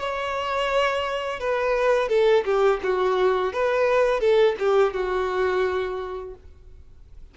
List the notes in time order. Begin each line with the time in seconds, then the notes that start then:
0.00 C#5
1.41 B4
2.09 A4
2.45 G4
2.84 F#4
3.54 B4
4.21 A4
4.59 G4
4.94 F#4